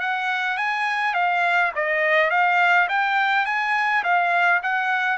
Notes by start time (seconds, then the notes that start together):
0.00 F#5
0.57 G#5
1.14 F5
1.76 D#5
2.31 F5
2.89 G5
3.46 G#5
4.04 F5
4.63 F#5